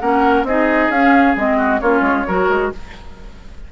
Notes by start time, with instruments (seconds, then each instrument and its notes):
0.00 bassoon A#3, clarinet C#4, oboe A#4, flute F#5
0.43 bassoon C4, clarinet D#4, oboe G#4, flute D#5
0.89 bassoon C#4, clarinet C#4, flute F5
1.36 bassoon G#3, clarinet C4, flute D#5
1.57 oboe F#4
1.80 bassoon A#3, clarinet C#4, oboe F4, flute C#5
2.01 bassoon G#3
2.27 bassoon F#3, clarinet F#4, oboe A#4
2.49 bassoon G#3